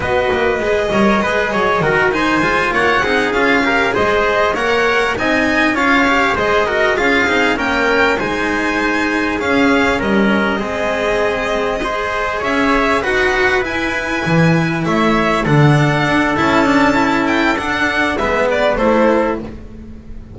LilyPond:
<<
  \new Staff \with { instrumentName = "violin" } { \time 4/4 \tempo 4 = 99 dis''2.~ dis''8 gis''8~ | gis''8 fis''4 f''4 dis''4 fis''8~ | fis''8 gis''4 f''4 dis''4 f''8~ | f''8 g''4 gis''2 f''8~ |
f''8 dis''2.~ dis''8~ | dis''8 e''4 fis''4 gis''4.~ | gis''8 e''4 fis''4. a''4~ | a''8 g''8 fis''4 e''8 d''8 c''4 | }
  \new Staff \with { instrumentName = "trumpet" } { \time 4/4 b'4. cis''8 b'8 cis''8 ais'8 c''8~ | c''8 cis''8 gis'4 ais'8 c''4 cis''8~ | cis''8 dis''4 cis''4 c''8 ais'8 gis'8~ | gis'8 ais'4 c''2 gis'8~ |
gis'8 ais'4 gis'2 c''8~ | c''8 cis''4 b'2~ b'8~ | b'8 cis''4 a'2~ a'8~ | a'2 b'4 a'4 | }
  \new Staff \with { instrumentName = "cello" } { \time 4/4 fis'4 gis'8 ais'8 gis'4 fis'8 dis'8 | f'4 dis'8 f'8 g'8 gis'4 ais'8~ | ais'8 dis'4 f'8 g'8 gis'8 fis'8 f'8 | dis'8 cis'4 dis'2 cis'8~ |
cis'4. c'2 gis'8~ | gis'4. fis'4 e'4.~ | e'4. d'4. e'8 d'8 | e'4 d'4 b4 e'4 | }
  \new Staff \with { instrumentName = "double bass" } { \time 4/4 b8 ais8 gis8 g8 gis8 fis8 dis4 | gis8 ais8 c'8 cis'4 gis4 ais8~ | ais8 c'4 cis'4 gis4 cis'8 | c'8 ais4 gis2 cis'8~ |
cis'8 g4 gis2~ gis8~ | gis8 cis'4 dis'4 e'4 e8~ | e8 a4 d4 d'8 cis'4~ | cis'4 d'4 gis4 a4 | }
>>